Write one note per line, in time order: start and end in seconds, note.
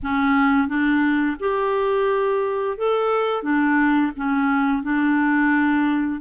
0.03 0.67 C#4
0.67 1.36 D4
1.39 2.77 G4
2.77 3.43 A4
3.43 4.12 D4
4.16 4.82 C#4
4.82 6.20 D4